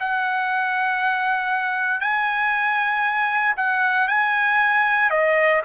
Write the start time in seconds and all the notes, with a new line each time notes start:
0.00 F#5
2.01 G#5
3.57 F#5
4.08 G#5
5.10 D#5